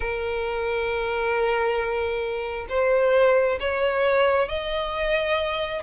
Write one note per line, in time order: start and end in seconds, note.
0.00 2.66 A#4
2.69 3.58 C5
3.60 4.48 C#5
4.48 5.82 D#5